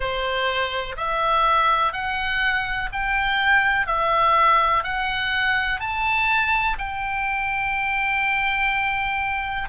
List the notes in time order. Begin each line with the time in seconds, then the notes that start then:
0.00 C5
0.96 E5
1.92 F#5
2.92 G5
3.86 E5
4.83 F#5
5.80 A5
6.78 G5